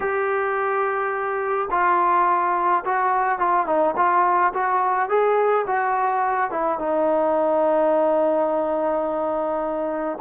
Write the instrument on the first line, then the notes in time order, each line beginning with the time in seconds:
trombone
0.00 G4
1.70 F4
2.85 F#4
3.38 F4
3.66 D#4
3.96 F4
4.53 F#4
5.09 G#4
5.67 F#4
6.50 E4
6.78 D#4